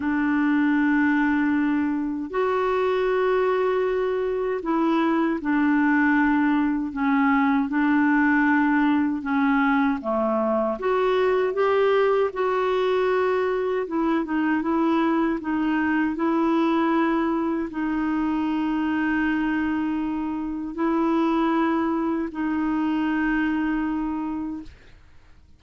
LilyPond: \new Staff \with { instrumentName = "clarinet" } { \time 4/4 \tempo 4 = 78 d'2. fis'4~ | fis'2 e'4 d'4~ | d'4 cis'4 d'2 | cis'4 a4 fis'4 g'4 |
fis'2 e'8 dis'8 e'4 | dis'4 e'2 dis'4~ | dis'2. e'4~ | e'4 dis'2. | }